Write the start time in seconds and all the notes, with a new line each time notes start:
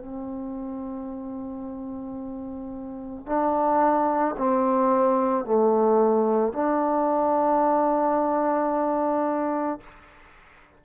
0.00 C4
3.27 D4
4.38 C4
5.45 A3
6.54 D4